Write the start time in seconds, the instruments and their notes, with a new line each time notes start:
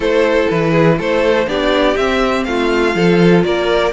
0.00 cello A3, viola E4, violin A4 C5
0.49 cello E3, violin B4
0.70 violin G#4
0.98 cello A3, violin A4 C5
1.47 cello B3, viola D4, violin G4 D5
1.95 viola C4, cello C4, violin E5
2.44 cello A3, violin F4 F5
2.93 cello F3, viola F4, violin A4
3.43 cello A#3, violin A#4 D5